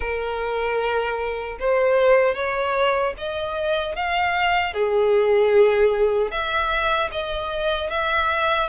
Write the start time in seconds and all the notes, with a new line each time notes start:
0.00 A#4
1.59 C5
2.35 C#5
3.17 D#5
3.95 F5
4.73 G#4
6.31 E5
7.11 D#5
7.89 E5